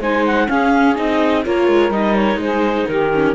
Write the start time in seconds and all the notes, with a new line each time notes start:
0.00 G#3 D#4 C5 G#5
0.26 F#5
0.47 C#4 G#4 F5
0.95 C4 D#4 D#5
1.45 A#3 F4 A#4 C#5
1.68 G#3
1.90 G3 D#4 D#5
2.16 C#5
2.36 G#3 G#4 C5
2.88 D#3 G4 A#4
3.14 C#4